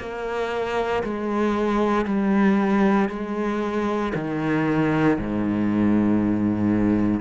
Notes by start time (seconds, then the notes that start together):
0.00 A#3
1.04 G#3
2.06 G3
3.09 G#3
4.15 D#3
5.19 G#2